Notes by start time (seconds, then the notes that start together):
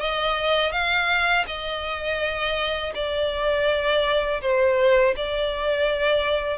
0.00 D#5
0.72 F5
1.47 D#5
2.95 D5
4.42 C5
5.17 D5